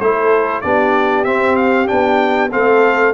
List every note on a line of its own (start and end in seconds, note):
0.00 0.63 A3
0.00 0.64 E4
0.00 0.64 A4
0.00 0.61 C5
0.61 1.26 B3
0.61 1.26 D4
0.61 2.52 G4
0.61 1.24 D5
1.24 1.87 C4
1.24 1.89 C4
1.24 1.56 E5
1.56 1.88 F5
1.87 2.55 B3
1.87 2.50 D4
1.87 2.51 G5
2.52 3.14 A3
2.52 3.14 C4
2.52 3.14 A4
2.52 3.14 F5